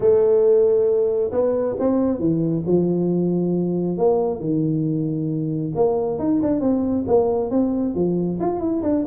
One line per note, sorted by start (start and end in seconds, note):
0.00 1.31 A3
1.31 1.75 B3
1.79 2.19 C4
2.19 2.63 E3
2.66 3.97 F3
3.97 4.40 A#3
4.40 5.72 D#3
5.75 6.18 A#3
6.18 6.41 D#4
6.42 6.60 D4
6.60 7.04 C4
7.07 7.50 A#3
7.50 7.94 C4
7.94 8.38 F3
8.39 8.59 F4
8.59 8.82 E4
8.82 9.04 D4